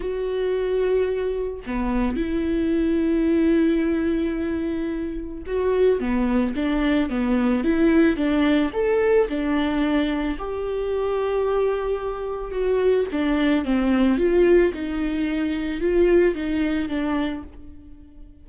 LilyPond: \new Staff \with { instrumentName = "viola" } { \time 4/4 \tempo 4 = 110 fis'2. b4 | e'1~ | e'2 fis'4 b4 | d'4 b4 e'4 d'4 |
a'4 d'2 g'4~ | g'2. fis'4 | d'4 c'4 f'4 dis'4~ | dis'4 f'4 dis'4 d'4 | }